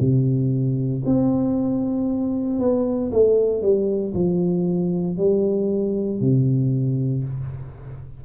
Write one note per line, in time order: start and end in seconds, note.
0.00 1.03 C3
1.06 2.60 C4
2.60 3.11 B3
3.12 3.62 A3
3.62 4.14 G3
4.14 5.17 F3
5.17 6.21 G3
6.21 7.24 C3